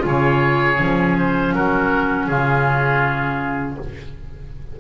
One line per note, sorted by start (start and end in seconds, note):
0.00 0.80 C#3
0.00 0.75 F4
0.06 1.55 G#4
0.06 1.18 C#5
0.80 1.53 F3
0.80 3.80 C#4
1.18 1.55 C5
1.53 2.28 F#3
1.53 2.30 F#4
1.53 2.27 A#4
2.27 3.78 C#3
2.27 3.80 F4
2.27 3.77 G#4